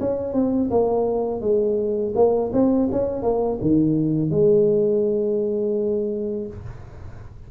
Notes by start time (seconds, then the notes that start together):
0.00 C#4
0.33 C4
0.70 A#3
1.41 G#3
2.15 A#3
2.53 C4
2.91 C#4
3.22 A#3
3.61 D#3
4.30 G#3